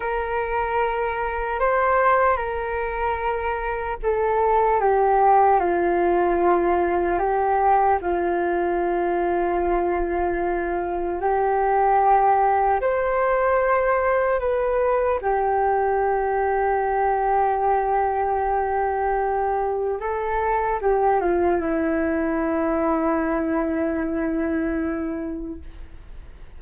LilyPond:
\new Staff \with { instrumentName = "flute" } { \time 4/4 \tempo 4 = 75 ais'2 c''4 ais'4~ | ais'4 a'4 g'4 f'4~ | f'4 g'4 f'2~ | f'2 g'2 |
c''2 b'4 g'4~ | g'1~ | g'4 a'4 g'8 f'8 e'4~ | e'1 | }